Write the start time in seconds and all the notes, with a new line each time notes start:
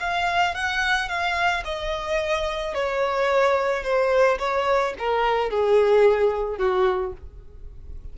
0.00 F5
0.55 F#5
1.09 F5
1.65 D#5
2.74 C#5
3.84 C5
4.39 C#5
4.99 A#4
5.50 G#4
6.58 F#4